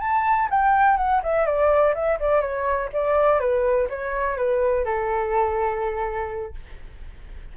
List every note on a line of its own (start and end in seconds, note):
0.00 0.48 A5
0.50 0.97 G5
0.97 1.21 F#5
1.23 1.46 E5
1.46 1.94 D5
1.94 2.19 E5
2.20 2.41 D5
2.41 2.89 C#5
2.93 3.40 D5
3.40 3.88 B4
3.89 4.37 C#5
4.37 4.85 B4
4.85 6.54 A4